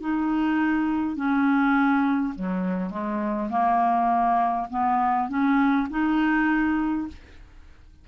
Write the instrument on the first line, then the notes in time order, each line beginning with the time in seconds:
clarinet
0.00 D#4
1.16 C#4
2.35 F#3
2.90 G#3
3.49 A#3
4.70 B3
5.28 C#4
5.90 D#4